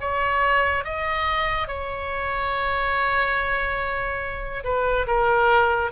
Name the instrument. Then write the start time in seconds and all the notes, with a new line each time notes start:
oboe
0.00 C#5
0.84 D#5
1.67 C#5
4.64 B4
5.06 A#4